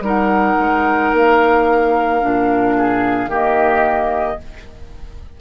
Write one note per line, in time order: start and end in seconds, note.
0.00 0.55 G3
0.00 2.21 D#4
0.00 2.77 A#4
0.06 1.15 F#5
0.59 1.13 G#3
1.13 2.22 A#3
1.13 3.31 F5
2.21 3.27 A#2
2.21 3.29 D4
2.77 3.30 G#4
3.27 4.36 D#3
3.27 4.38 A#3
3.27 4.39 G4
3.27 4.40 D#5